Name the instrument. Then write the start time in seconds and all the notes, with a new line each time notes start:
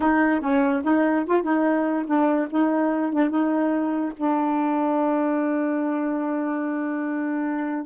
saxophone
0.00 D#4
0.40 C#4
0.84 D#4
1.26 F4
1.43 D#4
2.06 D4
2.50 D#4
3.12 D4
3.29 D#4
4.16 D4